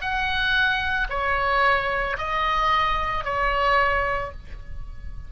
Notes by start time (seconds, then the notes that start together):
0.00 F#5
1.09 C#5
2.18 D#5
3.24 C#5